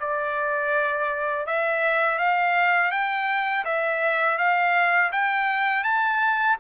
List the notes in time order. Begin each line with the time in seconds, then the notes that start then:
0.00 D5
1.47 E5
2.19 F5
2.92 G5
3.65 E5
4.38 F5
5.12 G5
5.84 A5